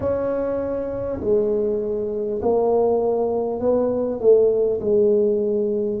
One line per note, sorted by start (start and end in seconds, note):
0.00 1.20 C#4
1.20 2.40 G#3
2.42 3.59 A#3
3.59 4.19 B3
4.20 4.80 A3
4.80 6.00 G#3